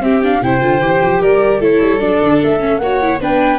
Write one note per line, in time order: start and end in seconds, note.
0.00 0.40 C4
0.00 0.23 C4
0.00 0.44 G4
0.00 0.23 E5
0.23 0.42 D4
0.23 0.43 F5
0.42 0.61 C3
0.42 0.61 E4
0.42 1.21 C5
0.42 1.23 G5
0.61 0.81 D3
0.61 0.81 F4
0.81 1.01 E3
0.81 1.61 G4
1.02 1.21 F3
1.21 1.60 G3
1.21 1.61 A#4
1.21 1.63 D5
1.60 1.80 A3
1.60 2.00 E4
1.60 2.81 A4
1.60 2.00 C#5
1.81 2.01 G3
2.00 2.21 F#3
2.00 2.60 D4
2.00 2.40 D5
2.23 2.43 D3
2.43 2.79 A3
2.43 2.79 E5
2.60 2.80 C#4
2.79 3.19 A#3
2.79 3.03 F#4
2.79 3.21 C#5
2.79 3.19 F#5
3.03 3.20 E4
3.20 3.59 B3
3.20 3.59 D4
3.20 3.59 B4
3.20 3.59 G5